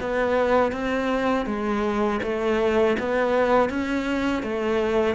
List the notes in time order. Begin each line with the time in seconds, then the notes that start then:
0.00 B3
0.72 C4
1.46 G#3
2.23 A3
2.99 B3
3.69 C#4
4.42 A3